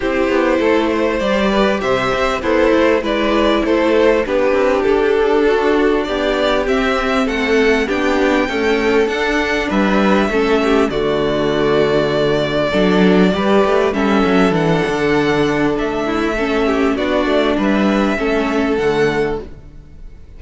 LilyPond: <<
  \new Staff \with { instrumentName = "violin" } { \time 4/4 \tempo 4 = 99 c''2 d''4 e''4 | c''4 d''4 c''4 b'4 | a'2 d''4 e''4 | fis''4 g''2 fis''4 |
e''2 d''2~ | d''2. e''4 | fis''2 e''2 | d''4 e''2 fis''4 | }
  \new Staff \with { instrumentName = "violin" } { \time 4/4 g'4 a'8 c''4 b'8 c''4 | e'4 b'4 a'4 g'4~ | g'4 fis'4 g'2 | a'4 g'4 a'2 |
b'4 a'8 g'8 fis'2~ | fis'4 a'4 b'4 a'4~ | a'2~ a'8 e'8 a'8 g'8 | fis'4 b'4 a'2 | }
  \new Staff \with { instrumentName = "viola" } { \time 4/4 e'2 g'2 | a'4 e'2 d'4~ | d'2. c'4~ | c'4 d'4 a4 d'4~ |
d'4 cis'4 a2~ | a4 d'4 g'4 cis'4 | d'2. cis'4 | d'2 cis'4 a4 | }
  \new Staff \with { instrumentName = "cello" } { \time 4/4 c'8 b8 a4 g4 c8 c'8 | b8 a8 gis4 a4 b8 c'8 | d'2 b4 c'4 | a4 b4 cis'4 d'4 |
g4 a4 d2~ | d4 fis4 g8 a8 g8 fis8 | e8 d4. a2 | b8 a8 g4 a4 d4 | }
>>